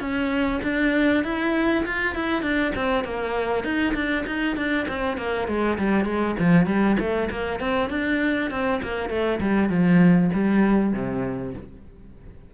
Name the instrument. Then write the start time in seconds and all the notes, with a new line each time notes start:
cello
0.00 C#4
0.63 D4
1.23 E4
1.85 F4
2.15 E4
2.42 D4
2.75 C4
3.04 A#3
3.63 D#4
3.94 D4
4.26 D#4
4.56 D4
4.88 C4
5.17 A#3
5.47 G#3
5.78 G3
6.05 G#3
6.39 F3
6.66 G3
6.99 A3
7.30 A#3
7.60 C4
7.90 D4
8.50 C4
8.82 A#3
9.09 A3
9.40 G3
9.69 F3
10.33 G3
10.93 C3